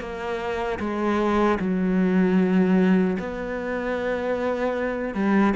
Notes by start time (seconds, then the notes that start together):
0.00 A#3
0.80 G#3
1.60 F#3
3.20 B3
5.15 G3